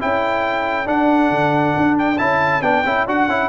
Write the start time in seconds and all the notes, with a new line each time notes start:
0.00 C#4 E4 A4 G5
0.86 D4 F#5
1.31 D3
1.77 D4
1.99 G5
2.18 C#4 E4 A5
2.62 B3 D4 G5
2.86 C#4 E4
3.07 D4 F#4 F#5
3.29 C#4 E4